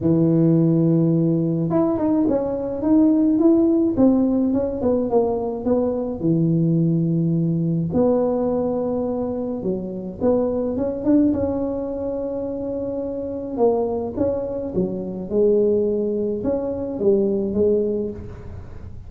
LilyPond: \new Staff \with { instrumentName = "tuba" } { \time 4/4 \tempo 4 = 106 e2. e'8 dis'8 | cis'4 dis'4 e'4 c'4 | cis'8 b8 ais4 b4 e4~ | e2 b2~ |
b4 fis4 b4 cis'8 d'8 | cis'1 | ais4 cis'4 fis4 gis4~ | gis4 cis'4 g4 gis4 | }